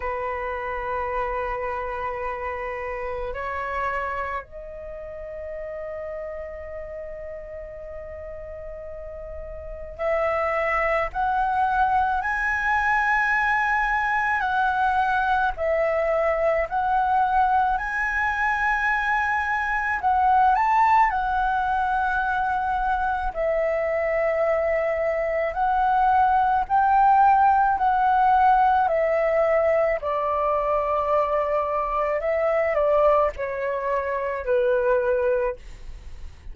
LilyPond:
\new Staff \with { instrumentName = "flute" } { \time 4/4 \tempo 4 = 54 b'2. cis''4 | dis''1~ | dis''4 e''4 fis''4 gis''4~ | gis''4 fis''4 e''4 fis''4 |
gis''2 fis''8 a''8 fis''4~ | fis''4 e''2 fis''4 | g''4 fis''4 e''4 d''4~ | d''4 e''8 d''8 cis''4 b'4 | }